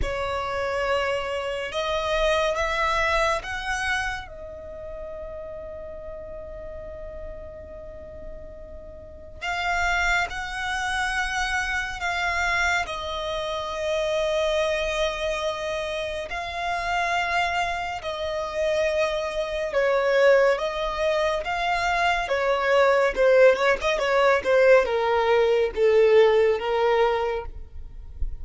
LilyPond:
\new Staff \with { instrumentName = "violin" } { \time 4/4 \tempo 4 = 70 cis''2 dis''4 e''4 | fis''4 dis''2.~ | dis''2. f''4 | fis''2 f''4 dis''4~ |
dis''2. f''4~ | f''4 dis''2 cis''4 | dis''4 f''4 cis''4 c''8 cis''16 dis''16 | cis''8 c''8 ais'4 a'4 ais'4 | }